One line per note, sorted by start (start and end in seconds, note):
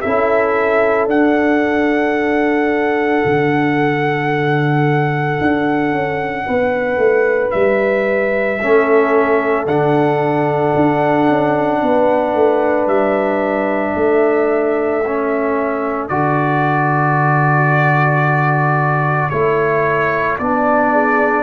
0.00 1.06 C#4
0.00 1.08 E4
0.00 6.46 A4
0.00 1.07 E5
1.06 3.21 D4
1.06 8.58 D4
1.06 7.51 F#5
3.25 5.39 D3
5.41 5.91 D4
5.91 6.45 C#4
6.46 6.97 B3
6.46 8.60 B4
6.97 7.50 A3
7.51 8.61 G3
7.51 9.65 E5
8.60 9.66 A3
8.60 9.67 C#4
8.60 11.82 A4
9.66 10.73 D3
9.66 15.04 D4
9.66 12.87 F#5
10.75 11.28 D4
11.28 11.82 C#4
11.82 12.34 B3
11.82 13.97 B4
12.34 12.86 A3
12.86 13.94 G3
12.86 16.08 E5
13.95 16.09 A3
13.95 20.91 A4
15.05 16.09 C#4
16.08 19.31 D3
16.08 19.31 F#4
16.08 19.29 D5
19.29 20.38 A3
19.29 20.39 E4
19.29 20.36 C#5
20.38 21.42 B3
20.38 21.42 D4
20.38 21.42 D5
20.91 21.42 G#4